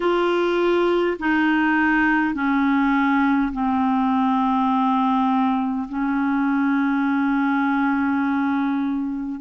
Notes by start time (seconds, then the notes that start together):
0.00 F4
1.19 D#4
2.34 C#4
3.52 C4
5.88 C#4